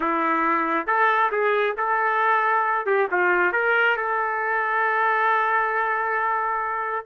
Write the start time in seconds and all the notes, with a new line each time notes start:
0.00 E4
0.86 A4
1.31 G#4
1.77 A4
2.86 G4
3.11 F4
3.52 A#4
3.96 A4